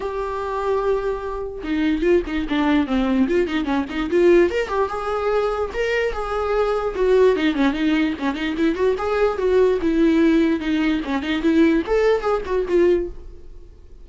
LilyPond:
\new Staff \with { instrumentName = "viola" } { \time 4/4 \tempo 4 = 147 g'1 | dis'4 f'8 dis'8 d'4 c'4 | f'8 dis'8 cis'8 dis'8 f'4 ais'8 g'8 | gis'2 ais'4 gis'4~ |
gis'4 fis'4 dis'8 cis'8 dis'4 | cis'8 dis'8 e'8 fis'8 gis'4 fis'4 | e'2 dis'4 cis'8 dis'8 | e'4 a'4 gis'8 fis'8 f'4 | }